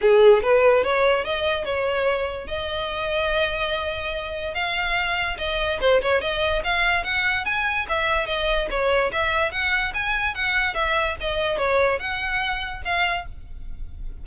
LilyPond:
\new Staff \with { instrumentName = "violin" } { \time 4/4 \tempo 4 = 145 gis'4 b'4 cis''4 dis''4 | cis''2 dis''2~ | dis''2. f''4~ | f''4 dis''4 c''8 cis''8 dis''4 |
f''4 fis''4 gis''4 e''4 | dis''4 cis''4 e''4 fis''4 | gis''4 fis''4 e''4 dis''4 | cis''4 fis''2 f''4 | }